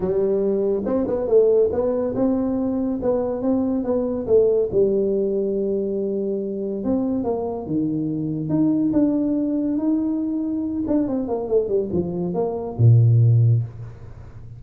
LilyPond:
\new Staff \with { instrumentName = "tuba" } { \time 4/4 \tempo 4 = 141 g2 c'8 b8 a4 | b4 c'2 b4 | c'4 b4 a4 g4~ | g1 |
c'4 ais4 dis2 | dis'4 d'2 dis'4~ | dis'4. d'8 c'8 ais8 a8 g8 | f4 ais4 ais,2 | }